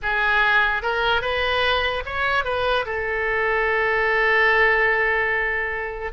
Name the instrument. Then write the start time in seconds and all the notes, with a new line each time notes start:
oboe
0.02 G#4
0.82 A#4
1.21 B4
2.05 C#5
2.44 B4
2.85 A4